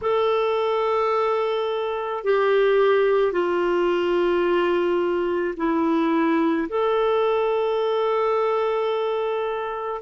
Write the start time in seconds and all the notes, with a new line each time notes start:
0.02 A4
2.24 G4
3.32 F4
5.57 E4
6.68 A4